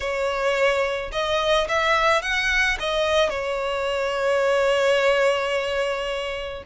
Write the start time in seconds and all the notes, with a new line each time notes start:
0.00 C#5
1.12 D#5
1.68 E5
2.22 F#5
2.79 D#5
3.29 C#5